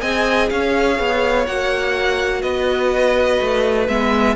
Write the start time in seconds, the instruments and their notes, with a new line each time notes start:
0.00 cello C4, viola G#4, violin D#5 G#5
0.49 cello C#4, violin C#5 F5
0.99 cello B3
1.46 cello A#3, viola F#4, violin F#5
2.41 cello B3, violin B4 D#5
3.40 cello A3
3.88 cello G#3, viola B3, violin E5